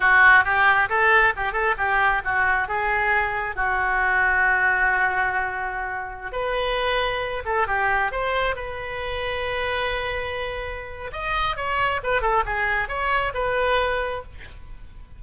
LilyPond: \new Staff \with { instrumentName = "oboe" } { \time 4/4 \tempo 4 = 135 fis'4 g'4 a'4 g'8 a'8 | g'4 fis'4 gis'2 | fis'1~ | fis'2~ fis'16 b'4.~ b'16~ |
b'8. a'8 g'4 c''4 b'8.~ | b'1~ | b'4 dis''4 cis''4 b'8 a'8 | gis'4 cis''4 b'2 | }